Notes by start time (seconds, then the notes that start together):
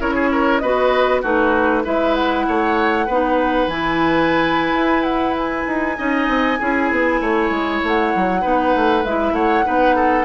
0.00 C#4 E4 A#4 C#5
0.15 G#4
0.32 A#4
0.59 B3 F#4 B4 D#5
1.22 A3 D#4 F#4 B4
1.85 G#3 E4 B4 E5
2.15 F#5
2.48 A3 C#5
3.07 B3 D#4 B4
3.68 E3 E4 G#5
4.73 E4
5.04 F#5
5.38 G#5
5.68 D#4
5.97 C#4 D#4 D#5
6.28 C4
6.60 C#4 E4 G#4
6.91 B3
7.21 A3 C#5
7.51 G#3
7.84 A3 F#5
8.16 F#3
8.42 B3 D#4 B4
8.76 A3
9.05 G#3 E4 E5
9.32 A3 C#5 F#5
9.65 B3 D#4 B4
9.96 A4